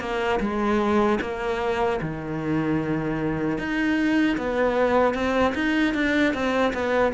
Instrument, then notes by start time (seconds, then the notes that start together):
cello
0.00 A#3
0.40 G#3
1.21 A#3
2.01 D#3
3.58 D#4
4.37 B3
5.14 C4
5.55 D#4
5.94 D4
6.34 C4
6.73 B3